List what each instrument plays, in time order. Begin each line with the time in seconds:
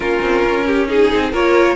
0.00 cello A#3, viola C#4, violin F4 A#4
0.21 cello C4
0.44 cello C#4
0.66 violin G4
0.88 viola D#4, violin G#4
1.13 cello C4
1.31 cello A#3, viola F4, violin A#4 C#5